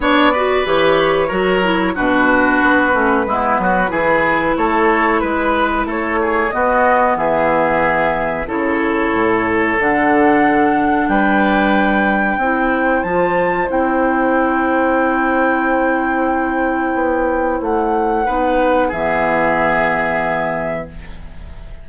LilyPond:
<<
  \new Staff \with { instrumentName = "flute" } { \time 4/4 \tempo 4 = 92 d''4 cis''2 b'4~ | b'2. cis''4 | b'4 cis''4 dis''4 e''4~ | e''4 cis''2 fis''4~ |
fis''4 g''2. | a''4 g''2.~ | g''2. fis''4~ | fis''4 e''2. | }
  \new Staff \with { instrumentName = "oboe" } { \time 4/4 cis''8 b'4. ais'4 fis'4~ | fis'4 e'8 fis'8 gis'4 a'4 | b'4 a'8 gis'8 fis'4 gis'4~ | gis'4 a'2.~ |
a'4 b'2 c''4~ | c''1~ | c''1 | b'4 gis'2. | }
  \new Staff \with { instrumentName = "clarinet" } { \time 4/4 d'8 fis'8 g'4 fis'8 e'8 d'4~ | d'8 cis'8 b4 e'2~ | e'2 b2~ | b4 e'2 d'4~ |
d'2. e'4 | f'4 e'2.~ | e'1 | dis'4 b2. | }
  \new Staff \with { instrumentName = "bassoon" } { \time 4/4 b4 e4 fis4 b,4 | b8 a8 gis8 fis8 e4 a4 | gis4 a4 b4 e4~ | e4 cis4 a,4 d4~ |
d4 g2 c'4 | f4 c'2.~ | c'2 b4 a4 | b4 e2. | }
>>